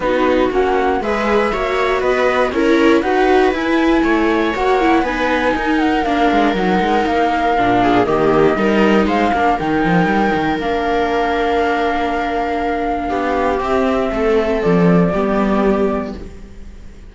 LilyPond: <<
  \new Staff \with { instrumentName = "flute" } { \time 4/4 \tempo 4 = 119 b'4 fis''4 e''2 | dis''4 cis''4 fis''4 gis''4~ | gis''4 fis''4 gis''4. fis''8 | f''4 fis''4 f''2 |
dis''2 f''4 g''4~ | g''4 f''2.~ | f''2. e''4~ | e''4 d''2. | }
  \new Staff \with { instrumentName = "viola" } { \time 4/4 fis'2 b'4 cis''4 | b'4 ais'4 b'2 | cis''2 b'4 ais'4~ | ais'2.~ ais'8 gis'8 |
g'4 ais'4 c''8 ais'4.~ | ais'1~ | ais'2 g'2 | a'2 g'2 | }
  \new Staff \with { instrumentName = "viola" } { \time 4/4 dis'4 cis'4 gis'4 fis'4~ | fis'4 e'4 fis'4 e'4~ | e'4 fis'8 e'8 dis'2 | d'4 dis'2 d'4 |
ais4 dis'4. d'8 dis'4~ | dis'4 d'2.~ | d'2. c'4~ | c'2 b2 | }
  \new Staff \with { instrumentName = "cello" } { \time 4/4 b4 ais4 gis4 ais4 | b4 cis'4 dis'4 e'4 | a4 ais4 b4 dis'4 | ais8 gis8 fis8 gis8 ais4 ais,4 |
dis4 g4 gis8 ais8 dis8 f8 | g8 dis8 ais2.~ | ais2 b4 c'4 | a4 f4 g2 | }
>>